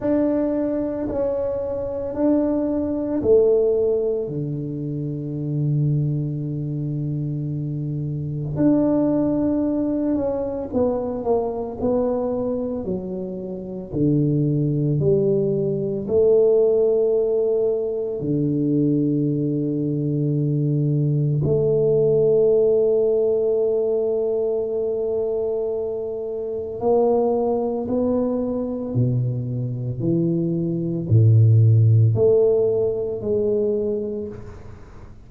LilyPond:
\new Staff \with { instrumentName = "tuba" } { \time 4/4 \tempo 4 = 56 d'4 cis'4 d'4 a4 | d1 | d'4. cis'8 b8 ais8 b4 | fis4 d4 g4 a4~ |
a4 d2. | a1~ | a4 ais4 b4 b,4 | e4 a,4 a4 gis4 | }